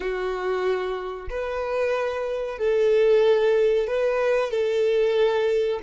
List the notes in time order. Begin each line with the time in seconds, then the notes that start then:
0.00 F#4
1.29 B4
2.58 A4
3.87 B4
4.50 A4